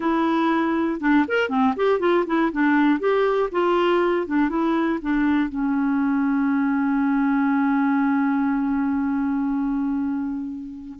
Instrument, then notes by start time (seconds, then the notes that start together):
clarinet
0.00 E4
1.00 D4
1.27 A#4
1.49 C4
1.76 G4
1.99 F4
2.26 E4
2.52 D4
2.99 G4
3.51 F4
4.26 D4
4.49 E4
5.01 D4
5.49 C#4